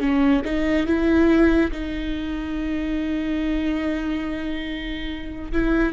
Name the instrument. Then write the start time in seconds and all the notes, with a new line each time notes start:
viola
0.00 C#4
0.45 D#4
0.87 E4
1.72 D#4
5.52 E4